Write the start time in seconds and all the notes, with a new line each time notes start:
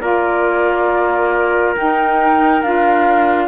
0.00 A#3 F4 A#4 D5
1.75 D#4 G5
2.62 D4 F4 F5